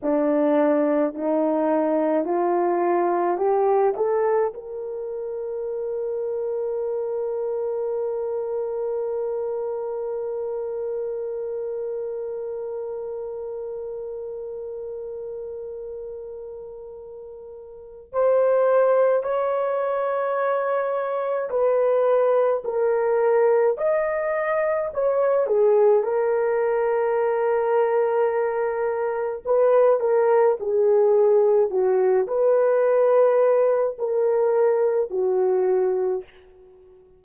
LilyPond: \new Staff \with { instrumentName = "horn" } { \time 4/4 \tempo 4 = 53 d'4 dis'4 f'4 g'8 a'8 | ais'1~ | ais'1~ | ais'1 |
c''4 cis''2 b'4 | ais'4 dis''4 cis''8 gis'8 ais'4~ | ais'2 b'8 ais'8 gis'4 | fis'8 b'4. ais'4 fis'4 | }